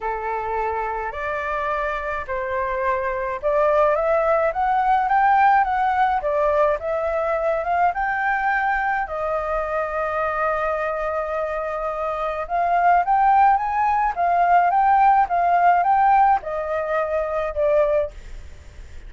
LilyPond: \new Staff \with { instrumentName = "flute" } { \time 4/4 \tempo 4 = 106 a'2 d''2 | c''2 d''4 e''4 | fis''4 g''4 fis''4 d''4 | e''4. f''8 g''2 |
dis''1~ | dis''2 f''4 g''4 | gis''4 f''4 g''4 f''4 | g''4 dis''2 d''4 | }